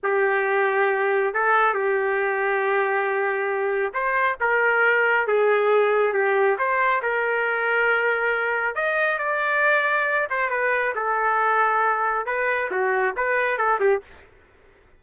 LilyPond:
\new Staff \with { instrumentName = "trumpet" } { \time 4/4 \tempo 4 = 137 g'2. a'4 | g'1~ | g'4 c''4 ais'2 | gis'2 g'4 c''4 |
ais'1 | dis''4 d''2~ d''8 c''8 | b'4 a'2. | b'4 fis'4 b'4 a'8 g'8 | }